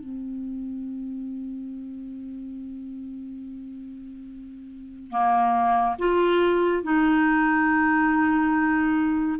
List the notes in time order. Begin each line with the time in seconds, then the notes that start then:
0.00 C4
5.11 A#3
5.99 F4
6.83 D#4